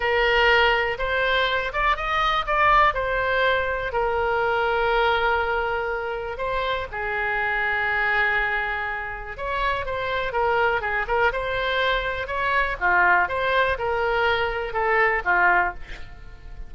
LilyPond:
\new Staff \with { instrumentName = "oboe" } { \time 4/4 \tempo 4 = 122 ais'2 c''4. d''8 | dis''4 d''4 c''2 | ais'1~ | ais'4 c''4 gis'2~ |
gis'2. cis''4 | c''4 ais'4 gis'8 ais'8 c''4~ | c''4 cis''4 f'4 c''4 | ais'2 a'4 f'4 | }